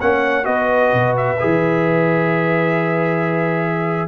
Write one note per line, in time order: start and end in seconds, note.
0.00 0.46 A#3
0.00 0.44 C#4
0.00 0.46 C#5
0.00 0.45 F#5
0.44 0.93 B3
0.44 1.37 F#4
0.44 4.08 B4
0.44 1.15 D#5
0.93 1.40 B2
1.17 4.08 E5
1.39 4.08 E3
1.39 4.08 G#4